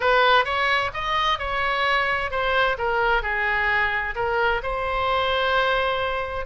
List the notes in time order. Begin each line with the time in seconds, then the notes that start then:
0.00 B4
0.44 C#5
0.93 D#5
1.38 C#5
2.30 C5
2.77 A#4
3.22 G#4
4.15 A#4
4.62 C5